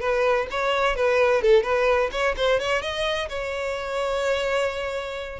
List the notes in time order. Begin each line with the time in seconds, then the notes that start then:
0.00 B4
0.50 C#5
0.96 B4
1.42 A4
1.63 B4
2.12 C#5
2.37 C5
2.60 C#5
2.82 D#5
3.29 C#5